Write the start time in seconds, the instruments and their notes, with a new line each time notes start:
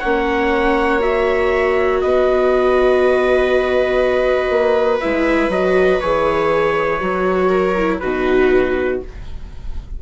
0.00 bassoon A#3, viola C#4 C#5, trumpet F#5
1.00 viola F#4, trumpet E5
2.01 bassoon B3, viola B4, trumpet D#5
4.50 bassoon A#3
5.00 bassoon G#3, viola E4, trumpet E5
5.49 bassoon F#3, viola F#4, trumpet D#5
6.00 bassoon E3, viola G#4, trumpet C#5
7.00 bassoon F#3, viola F#4
7.49 viola A#4
7.77 viola E4
7.99 bassoon B2, viola D#4 F#4, trumpet B4